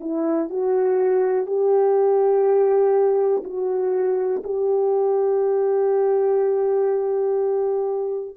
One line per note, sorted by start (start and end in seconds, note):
0.00 0.49 E4
0.49 1.46 F#4
1.46 3.42 G4
3.43 4.42 F#4
4.43 8.36 G4